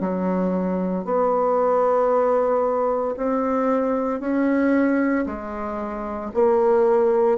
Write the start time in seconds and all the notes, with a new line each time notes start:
0.00 F#3
1.04 B3
3.16 C4
4.20 C#4
5.25 G#3
6.33 A#3